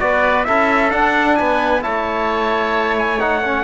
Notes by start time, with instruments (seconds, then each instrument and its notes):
0.00 cello B3, trombone F#4, oboe B4, trumpet D5
0.45 cello C#4, trombone E4, oboe A4, trumpet E5
0.91 trombone D4, cello D4, trumpet F#5
1.36 cello B3, oboe B4, trumpet G#5
1.82 cello A3, trombone E4, oboe C#5, trumpet A5
2.99 trumpet G#5
3.21 trombone D#4, trumpet F#5
3.44 trombone C#4